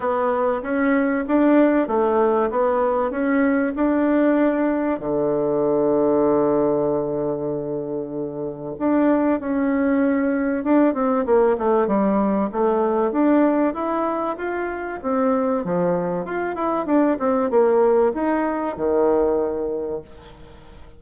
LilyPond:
\new Staff \with { instrumentName = "bassoon" } { \time 4/4 \tempo 4 = 96 b4 cis'4 d'4 a4 | b4 cis'4 d'2 | d1~ | d2 d'4 cis'4~ |
cis'4 d'8 c'8 ais8 a8 g4 | a4 d'4 e'4 f'4 | c'4 f4 f'8 e'8 d'8 c'8 | ais4 dis'4 dis2 | }